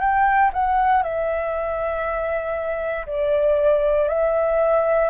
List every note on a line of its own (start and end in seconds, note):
0.00 0.51 G5
0.53 1.03 F#5
1.03 3.06 E5
3.07 4.09 D5
4.09 5.10 E5